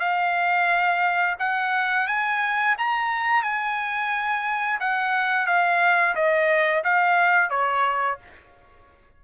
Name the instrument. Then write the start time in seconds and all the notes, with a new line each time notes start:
trumpet
0.00 F5
1.39 F#5
2.08 G#5
2.78 A#5
3.43 G#5
4.81 F#5
5.47 F5
6.15 D#5
6.84 F5
7.51 C#5